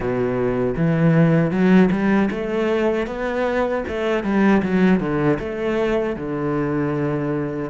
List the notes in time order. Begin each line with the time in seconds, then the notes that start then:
0.00 B2
0.77 E3
1.51 F#3
1.91 G3
2.30 A3
3.07 B3
3.87 A3
4.23 G3
4.62 F#3
5.00 D3
5.39 A3
6.16 D3